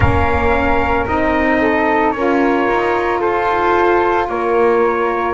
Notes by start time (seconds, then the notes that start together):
0.00 A#3 C#4 A#4 F5
1.07 C4 D#4 D#5
1.60 A4
2.11 C#4 F4 A#4 C#5
2.68 D#4
3.19 F4 A4 C5
4.28 A#3 A#4 C#5